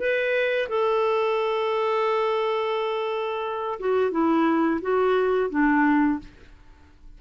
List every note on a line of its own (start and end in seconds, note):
0.00 0.69 B4
0.69 3.80 A4
3.80 4.12 F#4
4.12 4.81 E4
4.82 5.50 F#4
5.50 6.19 D4